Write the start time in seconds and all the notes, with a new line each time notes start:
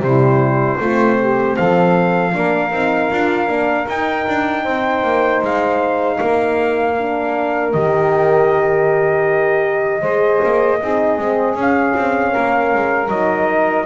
0.00 C3 G3 E4 C5
0.78 A3 C4 F4
1.19 G4
1.57 F3 A4 F5
2.33 A#3 D4 A#4
2.71 C4 D#4
3.11 D4 F4
3.48 A#3 D4
3.88 D#4 G5
4.28 D4
4.64 C4 C5
5.03 A#3
5.42 G#3 F5
6.17 A#3 A#4
6.98 D4
7.73 D#3 G4 D#5
10.01 G#3 G#4 C5
10.44 A#3
10.81 C4 D#4 G#4
11.18 G#3 C4
11.55 C#4 F5
11.96 C4
12.31 A#3 A#4
12.75 G#3
13.08 F#3 D#4 D#5